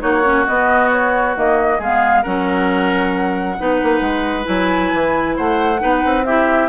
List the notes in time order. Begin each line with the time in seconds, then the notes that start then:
0.00 A#3 D#4 F#4 C#5
0.24 C#4
0.47 B3 D#5
0.92 C#5
1.36 D#3 A#3 D#5
1.79 G#3 B3 G#4 F5
2.23 F#3 C#4 A#4 F#5
3.58 B3 D#4 B4
3.83 A#3
4.01 G#3
4.44 F#3 E4 G#5
4.93 E3
5.37 A3 C5 F#5
5.80 B3 D#4 B4
6.05 C4
6.25 E4 G4 E5